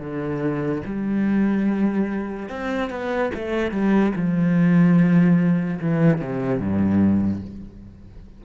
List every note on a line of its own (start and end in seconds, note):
0.00 0.82 D3
0.86 2.50 G3
2.50 2.90 C4
2.90 3.31 B3
3.35 3.71 A3
3.71 4.12 G3
4.16 5.80 F3
5.81 6.21 E3
6.21 6.60 C3
6.60 7.42 G2